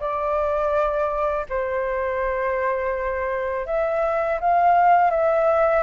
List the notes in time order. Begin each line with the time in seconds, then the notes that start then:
0.00 D5
1.50 C5
3.67 E5
4.40 F5
5.11 E5